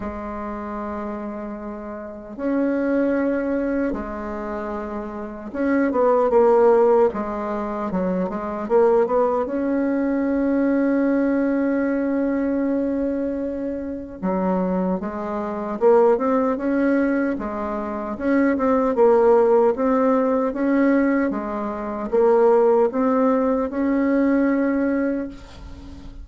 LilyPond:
\new Staff \with { instrumentName = "bassoon" } { \time 4/4 \tempo 4 = 76 gis2. cis'4~ | cis'4 gis2 cis'8 b8 | ais4 gis4 fis8 gis8 ais8 b8 | cis'1~ |
cis'2 fis4 gis4 | ais8 c'8 cis'4 gis4 cis'8 c'8 | ais4 c'4 cis'4 gis4 | ais4 c'4 cis'2 | }